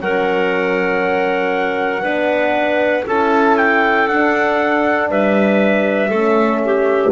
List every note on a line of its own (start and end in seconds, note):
0.00 2.03 F#3
0.00 2.03 C#4
0.00 2.03 A#4
0.00 3.06 F#5
2.03 3.05 B3
2.03 3.04 D4
2.03 3.04 B4
3.06 4.08 C#4
3.06 4.09 E4
3.06 5.10 A4
3.06 3.57 A5
3.57 4.08 G5
4.08 5.10 D4
4.08 6.12 D4
4.08 5.10 F#5
5.10 6.11 G3
5.10 6.09 B4
5.10 7.12 E5
6.09 7.12 A3
6.09 7.12 C#4
6.09 6.60 A4
6.65 7.12 G4